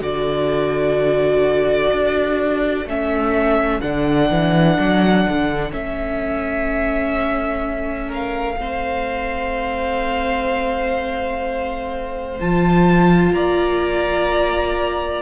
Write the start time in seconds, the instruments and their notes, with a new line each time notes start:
0.00 cello D3, viola F#4, violin A4 D5
1.92 cello D4
2.85 cello A3, viola C#4, violin E5
3.81 cello D3, viola D4, violin F#5
4.30 cello E3
4.79 cello F#3
5.29 cello D3
5.70 cello A3, viola C#4, violin E5
8.08 violin A#4 F5
8.58 viola C4, violin C5
12.39 cello F3, viola F4, violin A5
13.32 cello A#3, violin D5 A#5